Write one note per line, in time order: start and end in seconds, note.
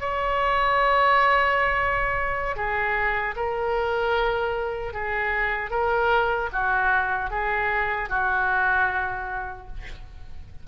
0.00 2.56 C#5
2.56 3.35 G#4
3.36 4.93 A#4
4.93 5.71 G#4
5.71 6.50 A#4
6.52 7.30 F#4
7.30 8.09 G#4
8.09 9.67 F#4